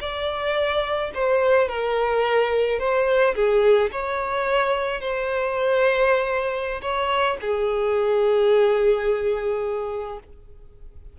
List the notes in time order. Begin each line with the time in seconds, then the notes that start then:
0.00 D5
1.14 C5
1.68 A#4
2.79 C5
3.35 G#4
3.91 C#5
5.01 C5
6.81 C#5
7.41 G#4